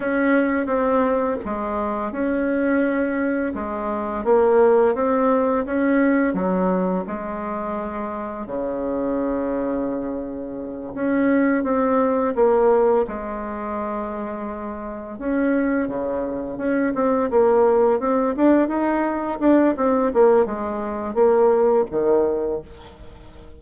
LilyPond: \new Staff \with { instrumentName = "bassoon" } { \time 4/4 \tempo 4 = 85 cis'4 c'4 gis4 cis'4~ | cis'4 gis4 ais4 c'4 | cis'4 fis4 gis2 | cis2.~ cis8 cis'8~ |
cis'8 c'4 ais4 gis4.~ | gis4. cis'4 cis4 cis'8 | c'8 ais4 c'8 d'8 dis'4 d'8 | c'8 ais8 gis4 ais4 dis4 | }